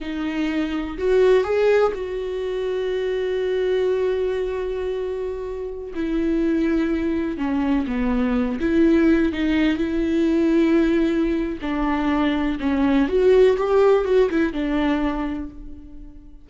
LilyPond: \new Staff \with { instrumentName = "viola" } { \time 4/4 \tempo 4 = 124 dis'2 fis'4 gis'4 | fis'1~ | fis'1~ | fis'16 e'2. cis'8.~ |
cis'16 b4. e'4. dis'8.~ | dis'16 e'2.~ e'8. | d'2 cis'4 fis'4 | g'4 fis'8 e'8 d'2 | }